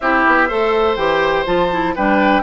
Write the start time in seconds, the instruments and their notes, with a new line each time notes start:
0.00 bassoon C4, clarinet E4, oboe G4, flute E5
0.26 bassoon B3
0.48 bassoon A3, clarinet A4, oboe C5
0.95 bassoon E3, clarinet G4, flute G5
1.45 bassoon F3, clarinet F4, flute A5
1.71 clarinet E4
1.95 bassoon G3, clarinet D4, oboe B4, flute G5